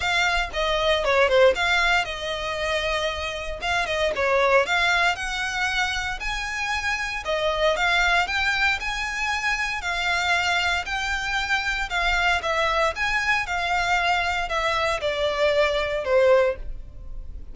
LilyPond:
\new Staff \with { instrumentName = "violin" } { \time 4/4 \tempo 4 = 116 f''4 dis''4 cis''8 c''8 f''4 | dis''2. f''8 dis''8 | cis''4 f''4 fis''2 | gis''2 dis''4 f''4 |
g''4 gis''2 f''4~ | f''4 g''2 f''4 | e''4 gis''4 f''2 | e''4 d''2 c''4 | }